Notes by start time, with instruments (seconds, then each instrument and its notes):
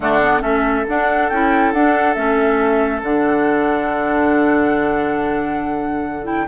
0.00 bassoon D3, clarinet A3, oboe D4, flute F#5
0.22 clarinet B3
0.41 bassoon A3, clarinet C#4, oboe A4, flute E5
0.88 clarinet D4, bassoon D4, flute F#5
1.29 bassoon C#4, clarinet E4, flute G5
1.73 bassoon D4, clarinet D4, flute F#5
2.14 bassoon A3, clarinet C#4, flute E5
3.02 bassoon D3, clarinet D4, flute F#5
6.23 clarinet E4, flute G5